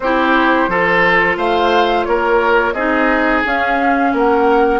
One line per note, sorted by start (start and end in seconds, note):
0.00 0.68 C4
0.00 0.69 E4
0.00 0.70 G4
0.00 1.36 C5
0.68 1.36 F3
0.68 2.76 F4
0.68 1.37 A4
1.36 2.05 A3
1.36 2.06 C5
1.36 2.04 F5
2.04 2.73 A#3
2.04 2.73 A#4
2.04 2.73 C#5
2.73 3.42 C4
2.73 3.44 D#4
2.73 4.11 G#4
2.73 3.42 D#5
3.44 4.80 C#4
3.44 4.13 C#4
3.44 4.15 F5
4.13 4.80 A#3
4.13 4.80 A#4
4.13 4.80 F#5